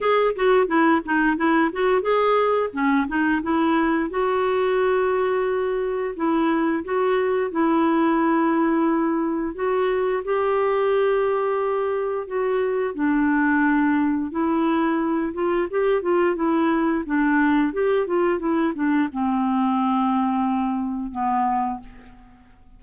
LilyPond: \new Staff \with { instrumentName = "clarinet" } { \time 4/4 \tempo 4 = 88 gis'8 fis'8 e'8 dis'8 e'8 fis'8 gis'4 | cis'8 dis'8 e'4 fis'2~ | fis'4 e'4 fis'4 e'4~ | e'2 fis'4 g'4~ |
g'2 fis'4 d'4~ | d'4 e'4. f'8 g'8 f'8 | e'4 d'4 g'8 f'8 e'8 d'8 | c'2. b4 | }